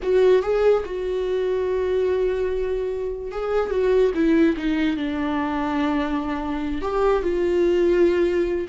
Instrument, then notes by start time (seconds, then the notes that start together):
viola
0.02 F#4
0.42 G#4
0.85 F#4
3.31 G#4
3.70 F#4
4.14 E4
4.56 D#4
4.97 D4
6.81 G4
7.22 F4